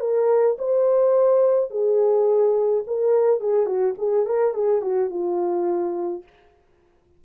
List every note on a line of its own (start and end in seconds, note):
0.00 0.57 A#4
0.58 1.70 C5
1.70 2.84 G#4
2.87 3.41 A#4
3.41 3.66 G#4
3.66 3.94 F#4
3.98 4.26 G#4
4.26 4.54 A#4
4.54 4.82 G#4
4.82 5.10 F#4
5.10 6.23 F4